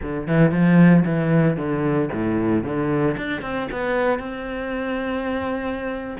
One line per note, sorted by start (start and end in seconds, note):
0.01 0.27 D3
0.27 0.51 E3
0.51 1.04 F3
1.05 1.56 E3
1.56 2.09 D3
2.12 2.63 A2
2.63 3.16 D3
3.17 3.41 D4
3.41 3.68 C4
3.71 4.19 B3
4.19 6.16 C4